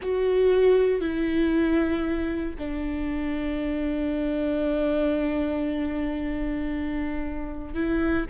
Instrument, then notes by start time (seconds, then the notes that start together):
viola
0.01 F#4
1.01 E4
2.58 D4
7.74 E4